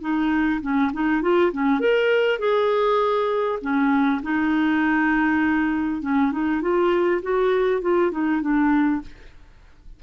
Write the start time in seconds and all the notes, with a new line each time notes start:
0.00 D#4
0.61 C#4
0.93 D#4
1.22 F4
1.52 C#4
1.79 A#4
2.39 G#4
3.61 C#4
4.22 D#4
6.01 C#4
6.31 D#4
6.61 F4
7.22 F#4
7.81 F4
8.11 D#4
8.41 D4